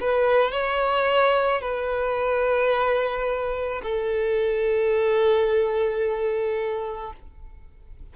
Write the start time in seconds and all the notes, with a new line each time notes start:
0.00 B4
0.51 C#5
1.61 B4
3.82 A4